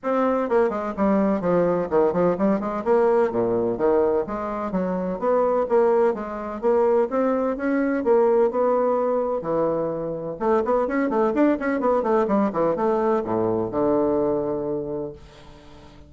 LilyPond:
\new Staff \with { instrumentName = "bassoon" } { \time 4/4 \tempo 4 = 127 c'4 ais8 gis8 g4 f4 | dis8 f8 g8 gis8 ais4 ais,4 | dis4 gis4 fis4 b4 | ais4 gis4 ais4 c'4 |
cis'4 ais4 b2 | e2 a8 b8 cis'8 a8 | d'8 cis'8 b8 a8 g8 e8 a4 | a,4 d2. | }